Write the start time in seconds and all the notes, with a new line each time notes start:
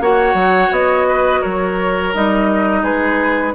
0.00 A#3 F#4 C#5 F#5
0.34 F#3
0.70 B3 D#5
1.08 B4
1.40 F#3 A#4 C#5
2.13 G3 D#4 D#5
2.82 G#3 G#4 B4